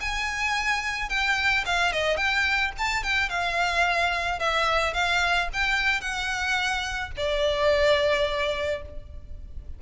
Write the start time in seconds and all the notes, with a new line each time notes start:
0.00 G#5
1.09 G5
1.65 F5
1.92 D#5
2.16 G5
2.77 A5
3.03 G5
3.29 F5
4.39 E5
4.93 F5
5.53 G5
6.00 F#5
7.16 D5